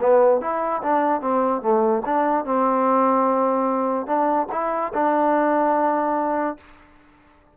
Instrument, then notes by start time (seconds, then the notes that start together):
trombone
0.00 B3
0.41 E4
0.82 D4
1.21 C4
1.62 A3
2.05 D4
2.45 C4
4.06 D4
4.52 E4
4.94 D4